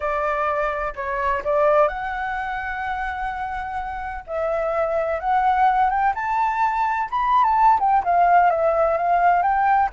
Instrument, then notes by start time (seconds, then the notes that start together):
flute
0.00 D5
0.95 C#5
1.44 D5
1.88 F#5
4.26 E5
5.20 F#5
5.90 G5
6.14 A5
7.10 B5
7.43 A5
7.79 G5
8.04 F5
8.50 E5
8.97 F5
9.42 G5